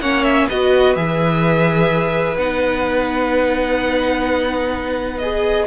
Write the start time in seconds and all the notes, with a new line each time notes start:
0.00 A#3 C#4 C#5 F#5
0.24 E5
0.48 B3 F#4 B4 D#5
0.96 E3 G#4 E5
2.37 B3 D#4 F#5
5.19 G#4 D#5